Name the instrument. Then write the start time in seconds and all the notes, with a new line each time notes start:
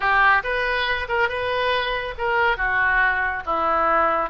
oboe
0.00 G4
0.43 B4
1.08 A#4
1.28 B4
2.18 A#4
2.57 F#4
3.45 E4